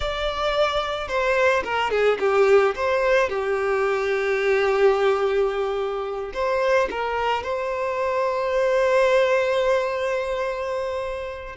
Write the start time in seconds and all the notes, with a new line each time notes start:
0.00 D5
1.08 C5
1.64 A#4
1.90 G#4
2.19 G4
2.75 C5
3.29 G4
6.33 C5
6.90 A#4
7.43 C5